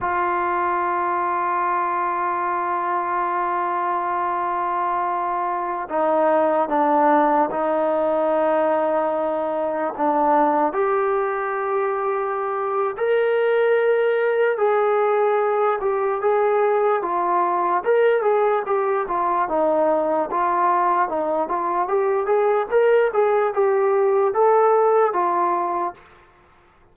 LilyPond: \new Staff \with { instrumentName = "trombone" } { \time 4/4 \tempo 4 = 74 f'1~ | f'2.~ f'16 dis'8.~ | dis'16 d'4 dis'2~ dis'8.~ | dis'16 d'4 g'2~ g'8. |
ais'2 gis'4. g'8 | gis'4 f'4 ais'8 gis'8 g'8 f'8 | dis'4 f'4 dis'8 f'8 g'8 gis'8 | ais'8 gis'8 g'4 a'4 f'4 | }